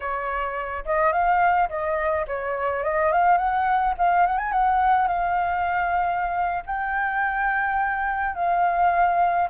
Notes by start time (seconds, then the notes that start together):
0.00 C#5
0.85 D#5
1.12 F5
1.69 D#5
2.27 C#5
2.83 D#5
3.12 F5
3.37 F#5
3.98 F5
4.26 F#5
4.38 G#5
4.51 F#5
5.07 F5
6.66 G5
8.35 F5